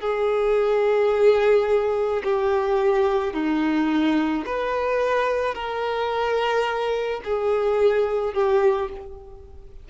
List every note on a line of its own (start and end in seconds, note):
0.00 2.22 G#4
2.24 3.33 G4
3.33 4.44 D#4
4.45 5.55 B4
5.55 7.21 A#4
7.24 8.33 G#4
8.33 8.89 G4